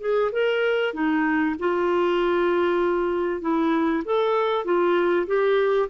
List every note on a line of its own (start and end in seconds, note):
0.00 0.31 G#4
0.32 0.93 A#4
0.93 1.55 D#4
1.59 3.41 F4
3.41 4.03 E4
4.05 4.64 A4
4.64 5.26 F4
5.26 5.88 G4